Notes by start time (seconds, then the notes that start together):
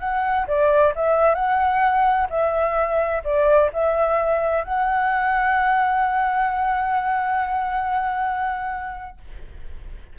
0.00 F#5
0.47 D5
0.96 E5
1.35 F#5
2.30 E5
3.25 D5
3.74 E5
4.65 F#5